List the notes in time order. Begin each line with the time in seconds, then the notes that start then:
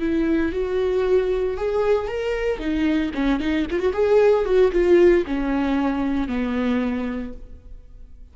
0.00 E4
0.53 F#4
1.57 G#4
2.08 A#4
2.59 D#4
3.15 C#4
3.40 D#4
3.71 F4
3.80 F#4
3.94 G#4
4.46 F#4
4.72 F4
5.27 C#4
6.28 B3